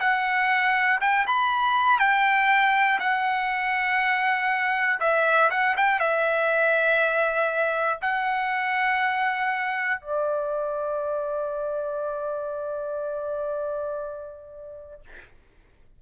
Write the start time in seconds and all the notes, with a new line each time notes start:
0.00 F#5
1.00 G5
1.26 B5
1.99 G5
2.99 F#5
5.00 E5
5.50 F#5
5.76 G5
5.99 E5
8.01 F#5
10.00 D5